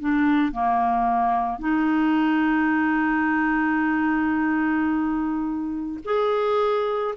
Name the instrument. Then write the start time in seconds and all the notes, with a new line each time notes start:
clarinet
0.00 D4
0.53 A#3
1.59 D#4
6.05 G#4